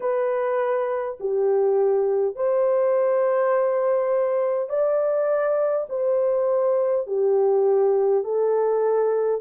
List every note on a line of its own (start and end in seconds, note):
0.00 1.18 B4
1.20 2.35 G4
2.35 4.68 C5
4.68 5.86 D5
5.89 7.06 C5
7.06 8.24 G4
8.24 9.41 A4